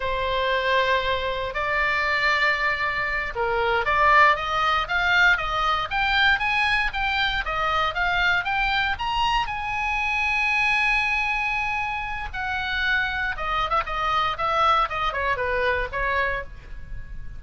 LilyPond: \new Staff \with { instrumentName = "oboe" } { \time 4/4 \tempo 4 = 117 c''2. d''4~ | d''2~ d''8 ais'4 d''8~ | d''8 dis''4 f''4 dis''4 g''8~ | g''8 gis''4 g''4 dis''4 f''8~ |
f''8 g''4 ais''4 gis''4.~ | gis''1 | fis''2 dis''8. e''16 dis''4 | e''4 dis''8 cis''8 b'4 cis''4 | }